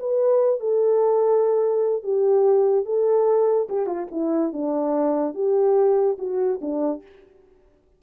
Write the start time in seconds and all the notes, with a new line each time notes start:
0.00 B4
0.60 A4
2.03 G4
2.85 A4
3.70 G4
3.87 F4
4.12 E4
4.53 D4
5.35 G4
6.19 F#4
6.62 D4